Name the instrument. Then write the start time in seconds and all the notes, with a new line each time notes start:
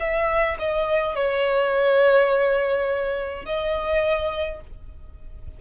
violin
0.00 E5
0.59 D#5
1.15 C#5
3.46 D#5